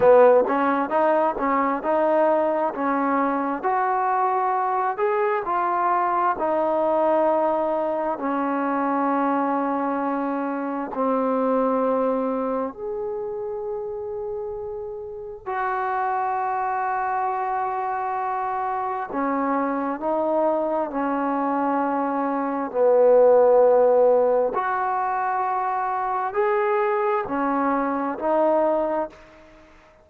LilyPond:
\new Staff \with { instrumentName = "trombone" } { \time 4/4 \tempo 4 = 66 b8 cis'8 dis'8 cis'8 dis'4 cis'4 | fis'4. gis'8 f'4 dis'4~ | dis'4 cis'2. | c'2 gis'2~ |
gis'4 fis'2.~ | fis'4 cis'4 dis'4 cis'4~ | cis'4 b2 fis'4~ | fis'4 gis'4 cis'4 dis'4 | }